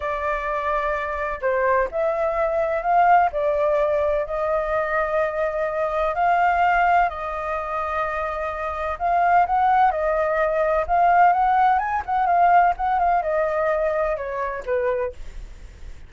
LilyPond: \new Staff \with { instrumentName = "flute" } { \time 4/4 \tempo 4 = 127 d''2. c''4 | e''2 f''4 d''4~ | d''4 dis''2.~ | dis''4 f''2 dis''4~ |
dis''2. f''4 | fis''4 dis''2 f''4 | fis''4 gis''8 fis''8 f''4 fis''8 f''8 | dis''2 cis''4 b'4 | }